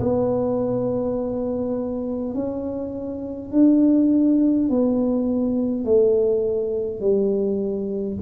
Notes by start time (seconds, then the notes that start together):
0.00 B3
2.34 C#4
3.52 D4
4.70 B3
5.85 A3
7.01 G3